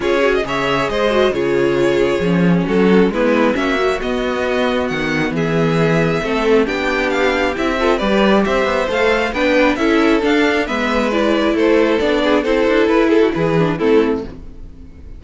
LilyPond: <<
  \new Staff \with { instrumentName = "violin" } { \time 4/4 \tempo 4 = 135 cis''8. dis''16 e''4 dis''4 cis''4~ | cis''2 a'4 b'4 | e''4 dis''2 fis''4 | e''2. g''4 |
f''4 e''4 d''4 e''4 | f''4 g''4 e''4 f''4 | e''4 d''4 c''4 d''4 | c''4 b'8 a'8 b'4 a'4 | }
  \new Staff \with { instrumentName = "violin" } { \time 4/4 gis'4 cis''4 c''4 gis'4~ | gis'2 fis'4 e'4 | fis'1 | gis'2 a'4 g'4~ |
g'4. a'8 b'4 c''4~ | c''4 b'4 a'2 | b'2 a'4. gis'8 | a'4. gis'16 fis'16 gis'4 e'4 | }
  \new Staff \with { instrumentName = "viola" } { \time 4/4 f'8 fis'8 gis'4. fis'8 f'4~ | f'4 cis'2 b4 | cis'8 fis8 b2.~ | b2 c'4 d'4~ |
d'4 e'8 f'8 g'2 | a'4 d'4 e'4 d'4 | b4 e'2 d'4 | e'2~ e'8 d'8 c'4 | }
  \new Staff \with { instrumentName = "cello" } { \time 4/4 cis'4 cis4 gis4 cis4~ | cis4 f4 fis4 gis4 | ais4 b2 dis4 | e2 a4 b4~ |
b4 c'4 g4 c'8 b8 | a4 b4 cis'4 d'4 | gis2 a4 b4 | c'8 d'8 e'4 e4 a4 | }
>>